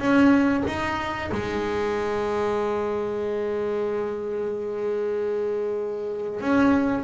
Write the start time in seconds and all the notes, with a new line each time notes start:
0.00 C#4
0.68 D#4
1.32 G#3
6.41 C#4